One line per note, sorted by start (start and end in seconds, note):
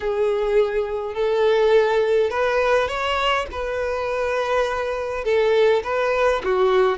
0.00 1.14 G#4
1.14 2.30 A4
2.30 2.88 B4
2.88 3.46 C#5
3.51 5.24 B4
5.24 5.83 A4
5.83 6.42 B4
6.44 6.98 F#4